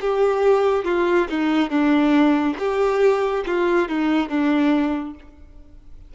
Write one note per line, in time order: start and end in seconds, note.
0.00 0.84 G4
0.84 1.27 F4
1.29 1.70 D#4
1.70 2.56 D4
2.58 3.44 G4
3.46 3.88 F4
3.88 4.29 D#4
4.29 5.14 D4